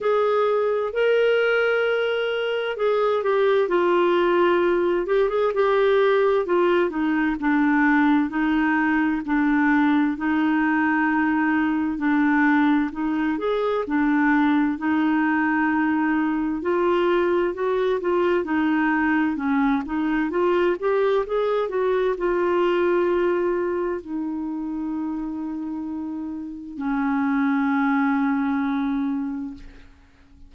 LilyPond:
\new Staff \with { instrumentName = "clarinet" } { \time 4/4 \tempo 4 = 65 gis'4 ais'2 gis'8 g'8 | f'4. g'16 gis'16 g'4 f'8 dis'8 | d'4 dis'4 d'4 dis'4~ | dis'4 d'4 dis'8 gis'8 d'4 |
dis'2 f'4 fis'8 f'8 | dis'4 cis'8 dis'8 f'8 g'8 gis'8 fis'8 | f'2 dis'2~ | dis'4 cis'2. | }